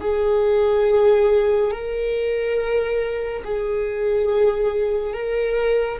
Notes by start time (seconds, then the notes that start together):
0.00 G#4
1.71 A#4
3.44 G#4
5.13 A#4